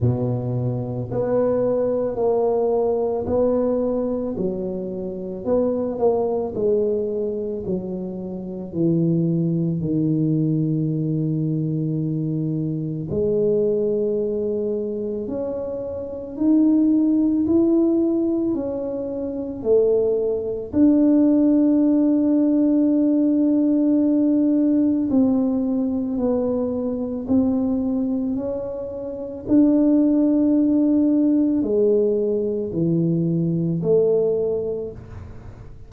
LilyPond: \new Staff \with { instrumentName = "tuba" } { \time 4/4 \tempo 4 = 55 b,4 b4 ais4 b4 | fis4 b8 ais8 gis4 fis4 | e4 dis2. | gis2 cis'4 dis'4 |
e'4 cis'4 a4 d'4~ | d'2. c'4 | b4 c'4 cis'4 d'4~ | d'4 gis4 e4 a4 | }